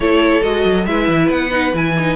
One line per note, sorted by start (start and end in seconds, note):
0.00 0.41 A3
0.00 0.42 E4
0.00 0.87 A4
0.00 0.43 C#5
0.42 0.64 G#3
0.42 0.86 F#4
0.42 0.86 D#5
0.64 0.86 F#3
0.86 1.07 G#3
0.86 1.50 E4
0.86 2.16 B4
0.86 1.29 E5
1.07 1.29 E3
1.30 1.73 B3
1.30 1.75 F#5
1.50 1.72 D#4
1.73 2.16 E3
1.73 1.95 E4
1.73 2.16 G#5
1.98 2.16 D#4